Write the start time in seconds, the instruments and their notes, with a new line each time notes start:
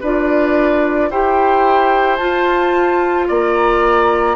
0.00 bassoon D4, clarinet F4, oboe B4, flute D5
1.10 bassoon E4, clarinet G4, oboe C5, flute G5
2.16 bassoon F4, clarinet F4, flute A5
3.27 bassoon A#3, oboe D5, flute A#5